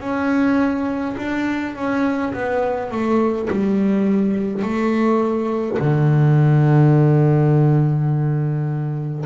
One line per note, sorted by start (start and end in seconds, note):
0.00 1.15 C#4
1.17 1.75 D4
1.75 2.33 C#4
2.33 2.91 B3
2.91 3.48 A3
3.50 4.63 G3
4.63 5.78 A3
5.78 9.25 D3